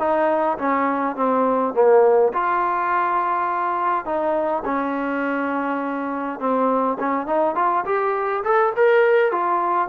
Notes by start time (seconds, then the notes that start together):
0.00 D#4
0.59 C#4
1.17 C4
1.74 A#3
2.34 F4
4.06 D#4
4.65 C#4
6.40 C4
7.00 C#4
7.27 D#4
7.56 F4
7.86 G4
8.44 A4
8.76 A#4
9.32 F4